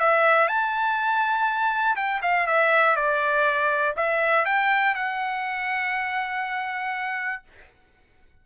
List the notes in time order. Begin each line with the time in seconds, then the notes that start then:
0.00 E5
0.48 A5
1.97 G5
2.22 F5
2.47 E5
2.96 D5
3.97 E5
4.46 G5
4.95 F#5